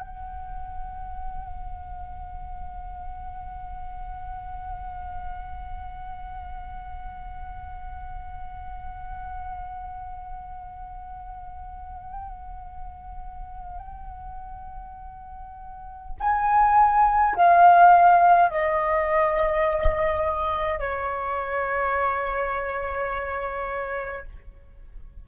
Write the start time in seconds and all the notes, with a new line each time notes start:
0.00 F#5
16.20 G#5
17.35 F5
18.50 D#5
20.80 C#5